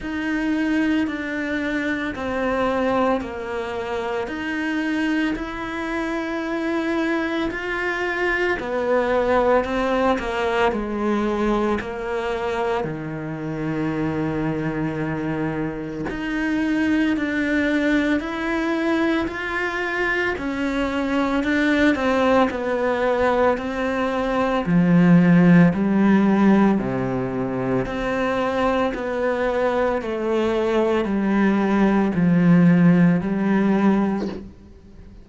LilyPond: \new Staff \with { instrumentName = "cello" } { \time 4/4 \tempo 4 = 56 dis'4 d'4 c'4 ais4 | dis'4 e'2 f'4 | b4 c'8 ais8 gis4 ais4 | dis2. dis'4 |
d'4 e'4 f'4 cis'4 | d'8 c'8 b4 c'4 f4 | g4 c4 c'4 b4 | a4 g4 f4 g4 | }